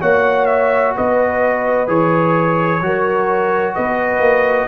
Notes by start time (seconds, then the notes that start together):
0.00 A#3 F#4 C#5 F#5
0.45 E5
0.95 B3 B4 D#5
1.87 E3 G#4 C#5
2.81 F#3 F#4 A#4
3.75 B3 B4 D#5
4.19 A#3